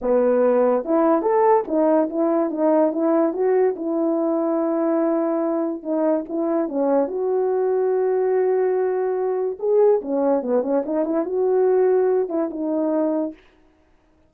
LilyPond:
\new Staff \with { instrumentName = "horn" } { \time 4/4 \tempo 4 = 144 b2 e'4 a'4 | dis'4 e'4 dis'4 e'4 | fis'4 e'2.~ | e'2 dis'4 e'4 |
cis'4 fis'2.~ | fis'2. gis'4 | cis'4 b8 cis'8 dis'8 e'8 fis'4~ | fis'4. e'8 dis'2 | }